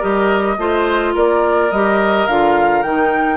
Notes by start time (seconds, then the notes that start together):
0.00 G3 G4 A#4 D#5
0.58 A3 F4 C5
1.14 A#3 A#4 D5
1.71 G3 G4 D#5
2.27 D3 F4 F5
2.83 D#3 D#4 G5